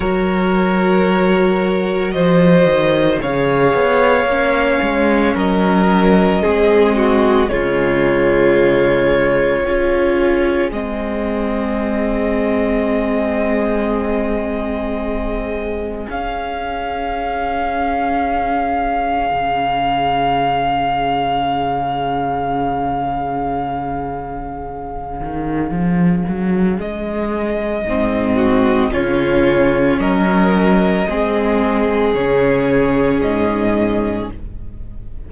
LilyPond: <<
  \new Staff \with { instrumentName = "violin" } { \time 4/4 \tempo 4 = 56 cis''2 dis''4 f''4~ | f''4 dis''2 cis''4~ | cis''2 dis''2~ | dis''2. f''4~ |
f''1~ | f''1~ | f''4 dis''2 cis''4 | dis''2 cis''4 dis''4 | }
  \new Staff \with { instrumentName = "violin" } { \time 4/4 ais'2 c''4 cis''4~ | cis''4 ais'4 gis'8 fis'8 f'4~ | f'4 gis'2.~ | gis'1~ |
gis'1~ | gis'1~ | gis'2~ gis'8 fis'8 f'4 | ais'4 gis'2. | }
  \new Staff \with { instrumentName = "viola" } { \time 4/4 fis'2. gis'4 | cis'2 c'4 gis4~ | gis4 f'4 c'2~ | c'2. cis'4~ |
cis'1~ | cis'1~ | cis'2 c'4 cis'4~ | cis'4 c'4 cis'2 | }
  \new Staff \with { instrumentName = "cello" } { \time 4/4 fis2 f8 dis8 cis8 b8 | ais8 gis8 fis4 gis4 cis4~ | cis4 cis'4 gis2~ | gis2. cis'4~ |
cis'2 cis2~ | cis2.~ cis8 dis8 | f8 fis8 gis4 gis,4 cis4 | fis4 gis4 cis4 gis,4 | }
>>